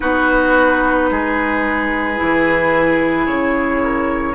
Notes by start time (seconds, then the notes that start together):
0.00 B3 D#4 F#4 B4
1.10 G#3 G#4
2.15 E3 E4
3.26 C#3 C#5
3.82 A#4